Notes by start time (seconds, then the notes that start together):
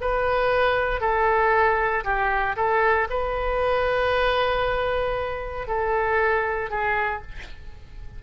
0.00 B4
1.00 A4
2.04 G4
2.56 A4
3.09 B4
5.67 A4
6.70 G#4